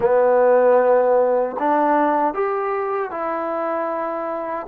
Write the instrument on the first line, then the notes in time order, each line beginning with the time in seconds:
trombone
0.00 B3
1.59 D4
2.34 G4
3.10 E4